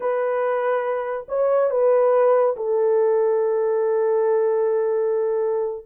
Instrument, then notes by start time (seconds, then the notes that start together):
horn
0.00 B4
1.28 C#5
1.70 B4
2.56 A4